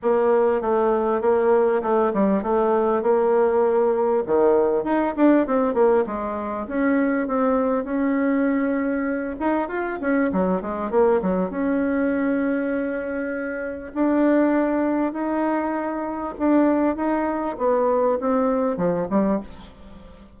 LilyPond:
\new Staff \with { instrumentName = "bassoon" } { \time 4/4 \tempo 4 = 99 ais4 a4 ais4 a8 g8 | a4 ais2 dis4 | dis'8 d'8 c'8 ais8 gis4 cis'4 | c'4 cis'2~ cis'8 dis'8 |
f'8 cis'8 fis8 gis8 ais8 fis8 cis'4~ | cis'2. d'4~ | d'4 dis'2 d'4 | dis'4 b4 c'4 f8 g8 | }